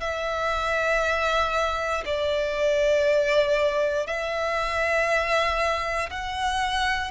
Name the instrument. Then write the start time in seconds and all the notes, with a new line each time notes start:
violin
0.00 E5
2.05 D5
4.06 E5
6.10 F#5